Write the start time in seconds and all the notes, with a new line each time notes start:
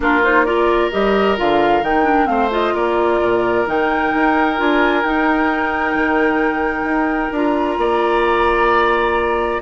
0.00 A#3 D4 F4 A#4
0.23 D#4 C5
0.45 F4 A#4 D5
0.91 G3 G4 D#5
1.37 D3 F4 F5
1.81 D#3 D#4 G5
2.04 D4
2.25 A3 C4 C5 F5
2.50 F4 D#5
2.74 A#3 A#4 D5
3.21 A#2
3.66 D#3 D#4 G5
4.14 D#4
4.57 D4 F4 G#5
5.03 D#4 G5
5.94 D#3
6.83 D#4
7.31 D4 F4 A#5
7.77 A#3 D5